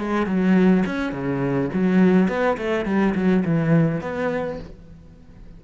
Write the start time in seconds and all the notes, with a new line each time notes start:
0.00 G#3
0.27 F#3
0.86 C#4
1.12 C#3
1.74 F#3
2.29 B3
2.58 A3
2.86 G3
3.15 F#3
3.45 E3
4.01 B3